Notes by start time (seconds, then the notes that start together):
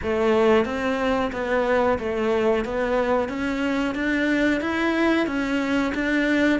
0.02 A3
0.65 C4
1.32 B3
1.98 A3
2.65 B3
3.28 C#4
3.94 D4
4.60 E4
5.26 C#4
5.94 D4